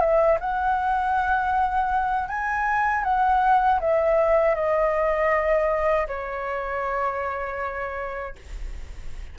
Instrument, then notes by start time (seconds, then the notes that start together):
flute
0.00 E5
0.40 F#5
2.28 G#5
3.03 F#5
3.80 E5
4.55 D#5
6.07 C#5